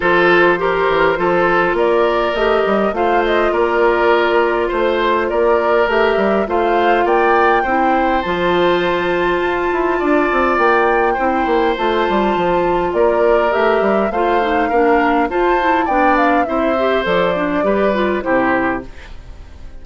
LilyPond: <<
  \new Staff \with { instrumentName = "flute" } { \time 4/4 \tempo 4 = 102 c''2. d''4 | dis''4 f''8 dis''8 d''2 | c''4 d''4 e''4 f''4 | g''2 a''2~ |
a''2 g''2 | a''2 d''4 e''4 | f''2 a''4 g''8 f''8 | e''4 d''2 c''4 | }
  \new Staff \with { instrumentName = "oboe" } { \time 4/4 a'4 ais'4 a'4 ais'4~ | ais'4 c''4 ais'2 | c''4 ais'2 c''4 | d''4 c''2.~ |
c''4 d''2 c''4~ | c''2 ais'2 | c''4 ais'4 c''4 d''4 | c''2 b'4 g'4 | }
  \new Staff \with { instrumentName = "clarinet" } { \time 4/4 f'4 g'4 f'2 | g'4 f'2.~ | f'2 g'4 f'4~ | f'4 e'4 f'2~ |
f'2. e'4 | f'2. g'4 | f'8 dis'8 d'4 f'8 e'8 d'4 | e'8 g'8 a'8 d'8 g'8 f'8 e'4 | }
  \new Staff \with { instrumentName = "bassoon" } { \time 4/4 f4. e8 f4 ais4 | a8 g8 a4 ais2 | a4 ais4 a8 g8 a4 | ais4 c'4 f2 |
f'8 e'8 d'8 c'8 ais4 c'8 ais8 | a8 g8 f4 ais4 a8 g8 | a4 ais4 f'4 b4 | c'4 f4 g4 c4 | }
>>